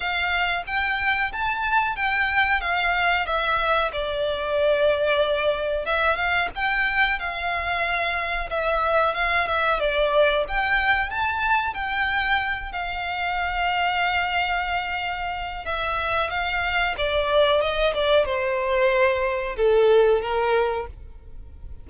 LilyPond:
\new Staff \with { instrumentName = "violin" } { \time 4/4 \tempo 4 = 92 f''4 g''4 a''4 g''4 | f''4 e''4 d''2~ | d''4 e''8 f''8 g''4 f''4~ | f''4 e''4 f''8 e''8 d''4 |
g''4 a''4 g''4. f''8~ | f''1 | e''4 f''4 d''4 dis''8 d''8 | c''2 a'4 ais'4 | }